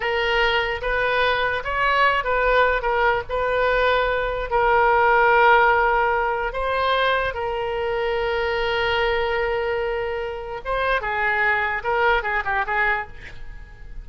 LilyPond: \new Staff \with { instrumentName = "oboe" } { \time 4/4 \tempo 4 = 147 ais'2 b'2 | cis''4. b'4. ais'4 | b'2. ais'4~ | ais'1 |
c''2 ais'2~ | ais'1~ | ais'2 c''4 gis'4~ | gis'4 ais'4 gis'8 g'8 gis'4 | }